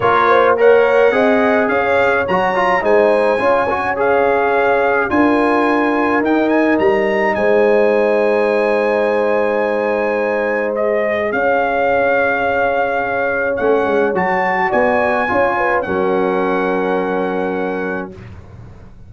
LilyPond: <<
  \new Staff \with { instrumentName = "trumpet" } { \time 4/4 \tempo 4 = 106 cis''4 fis''2 f''4 | ais''4 gis''2 f''4~ | f''4 gis''2 g''8 gis''8 | ais''4 gis''2.~ |
gis''2. dis''4 | f''1 | fis''4 a''4 gis''2 | fis''1 | }
  \new Staff \with { instrumentName = "horn" } { \time 4/4 ais'8 c''8 cis''4 dis''4 cis''4~ | cis''4 c''4 cis''2~ | cis''4 ais'2.~ | ais'4 c''2.~ |
c''1 | cis''1~ | cis''2 d''4 cis''8 b'8 | ais'1 | }
  \new Staff \with { instrumentName = "trombone" } { \time 4/4 f'4 ais'4 gis'2 | fis'8 f'8 dis'4 f'8 fis'8 gis'4~ | gis'4 f'2 dis'4~ | dis'1~ |
dis'2. gis'4~ | gis'1 | cis'4 fis'2 f'4 | cis'1 | }
  \new Staff \with { instrumentName = "tuba" } { \time 4/4 ais2 c'4 cis'4 | fis4 gis4 cis'2~ | cis'4 d'2 dis'4 | g4 gis2.~ |
gis1 | cis'1 | a8 gis8 fis4 b4 cis'4 | fis1 | }
>>